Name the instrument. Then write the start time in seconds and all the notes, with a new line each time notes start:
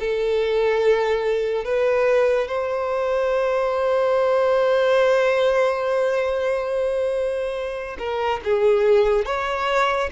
violin
0.00 A4
1.65 B4
2.48 C5
7.99 A#4
8.45 G#4
9.26 C#5